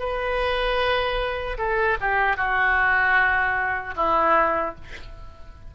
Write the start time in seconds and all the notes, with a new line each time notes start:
0.00 B4
1.58 A4
2.01 G4
2.37 F#4
3.97 E4